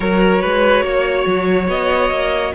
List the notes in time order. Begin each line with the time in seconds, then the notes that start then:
0.00 F#3 F#4 A#4 C#5
0.41 G#3 B4
0.82 A#3 C#5
1.26 F#3
1.68 B3 D#5
2.10 A#3